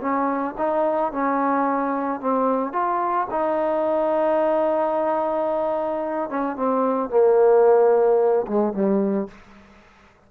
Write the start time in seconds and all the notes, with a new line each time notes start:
0.00 C#4
0.57 D#4
1.12 C#4
2.20 C4
2.72 F4
3.30 D#4
6.30 C#4
6.56 C4
7.10 A#3
8.47 G#3
8.73 G3